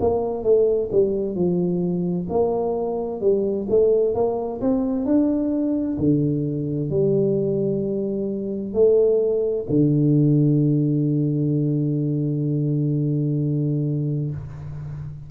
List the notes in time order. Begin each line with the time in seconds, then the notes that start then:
0.00 A#3
0.43 A3
0.91 G3
1.35 F3
2.29 A#3
3.21 G3
3.69 A3
4.15 A#3
4.61 C4
5.05 D4
5.98 D3
6.90 G3
8.73 A3
9.69 D3